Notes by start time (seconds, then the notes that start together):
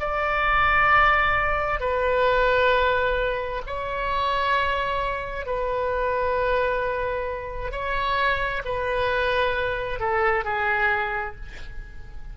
0.00 D5
1.81 B4
3.67 C#5
5.46 B4
7.72 C#5
8.65 B4
10.00 A4
10.45 G#4